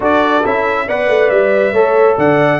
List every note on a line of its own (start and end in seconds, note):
0.00 0.41 D4
0.00 0.43 F#4
0.00 0.86 A4
0.00 0.46 D5
0.44 0.88 C#4
0.44 0.87 E4
0.44 0.88 E5
0.87 1.08 B3
0.87 1.74 B4
0.87 1.73 D5
0.87 1.29 F#5
1.08 1.30 A3
1.29 1.72 G3
1.29 2.16 E5
1.72 2.16 A3
1.72 2.59 A4
1.72 2.16 C#5
2.17 2.59 D3
2.17 2.59 D5
2.17 2.59 F#5